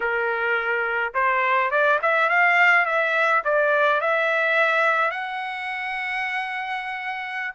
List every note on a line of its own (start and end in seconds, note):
0.00 1.13 A#4
1.14 1.70 C5
1.70 1.99 D5
2.02 2.29 E5
2.29 2.85 F5
2.85 3.42 E5
3.44 4.00 D5
4.00 5.10 E5
5.10 7.53 F#5